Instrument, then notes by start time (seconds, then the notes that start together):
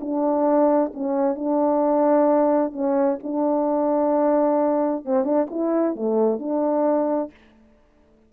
horn
0.00 D4
0.93 C#4
1.35 D4
2.72 C#4
3.23 D4
5.04 C4
5.24 D4
5.50 E4
5.95 A3
6.39 D4